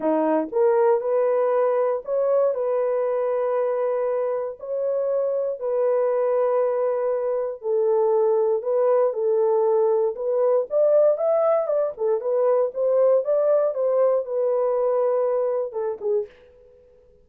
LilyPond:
\new Staff \with { instrumentName = "horn" } { \time 4/4 \tempo 4 = 118 dis'4 ais'4 b'2 | cis''4 b'2.~ | b'4 cis''2 b'4~ | b'2. a'4~ |
a'4 b'4 a'2 | b'4 d''4 e''4 d''8 a'8 | b'4 c''4 d''4 c''4 | b'2. a'8 gis'8 | }